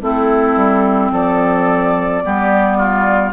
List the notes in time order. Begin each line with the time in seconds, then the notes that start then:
0.00 A3 C4 E4 A4
0.56 G3
1.11 F3 A4 D5
2.22 G3 B3 G4
2.77 F4